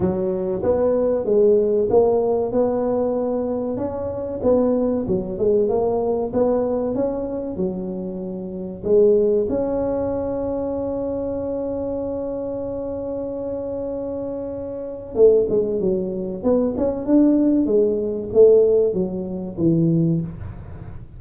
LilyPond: \new Staff \with { instrumentName = "tuba" } { \time 4/4 \tempo 4 = 95 fis4 b4 gis4 ais4 | b2 cis'4 b4 | fis8 gis8 ais4 b4 cis'4 | fis2 gis4 cis'4~ |
cis'1~ | cis'1 | a8 gis8 fis4 b8 cis'8 d'4 | gis4 a4 fis4 e4 | }